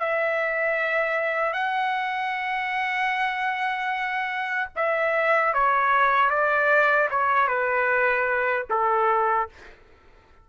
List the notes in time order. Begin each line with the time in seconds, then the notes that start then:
0.00 E5
1.54 F#5
4.76 E5
5.54 C#5
6.30 D5
7.11 C#5
7.48 B4
8.70 A4